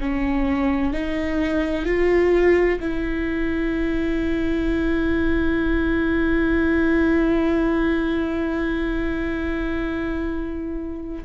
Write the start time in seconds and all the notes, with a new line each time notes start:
0.00 C#4
0.93 D#4
1.85 F4
2.80 E4